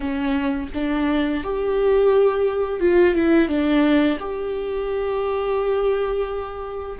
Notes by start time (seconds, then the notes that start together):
0.00 C#4
0.73 D4
1.43 G4
2.80 F4
3.14 E4
3.48 D4
4.19 G4